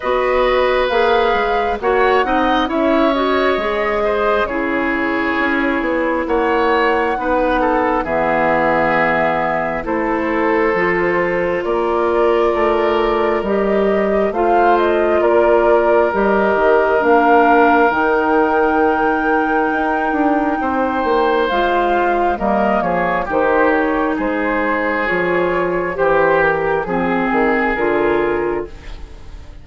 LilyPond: <<
  \new Staff \with { instrumentName = "flute" } { \time 4/4 \tempo 4 = 67 dis''4 f''4 fis''4 e''8 dis''8~ | dis''4 cis''2 fis''4~ | fis''4 e''2 c''4~ | c''4 d''2 dis''4 |
f''8 dis''8 d''4 dis''4 f''4 | g''1 | f''4 dis''8 cis''8 c''8 cis''8 c''4 | cis''4 c''8 ais'8 gis'4 ais'4 | }
  \new Staff \with { instrumentName = "oboe" } { \time 4/4 b'2 cis''8 dis''8 cis''4~ | cis''8 c''8 gis'2 cis''4 | b'8 a'8 gis'2 a'4~ | a'4 ais'2. |
c''4 ais'2.~ | ais'2. c''4~ | c''4 ais'8 gis'8 g'4 gis'4~ | gis'4 g'4 gis'2 | }
  \new Staff \with { instrumentName = "clarinet" } { \time 4/4 fis'4 gis'4 fis'8 dis'8 e'8 fis'8 | gis'4 e'2. | dis'4 b2 e'4 | f'2. g'4 |
f'2 g'4 d'4 | dis'1 | f'4 ais4 dis'2 | f'4 g'4 c'4 f'4 | }
  \new Staff \with { instrumentName = "bassoon" } { \time 4/4 b4 ais8 gis8 ais8 c'8 cis'4 | gis4 cis4 cis'8 b8 ais4 | b4 e2 a4 | f4 ais4 a4 g4 |
a4 ais4 g8 dis8 ais4 | dis2 dis'8 d'8 c'8 ais8 | gis4 g8 f8 dis4 gis4 | f4 e4 f8 dis8 d4 | }
>>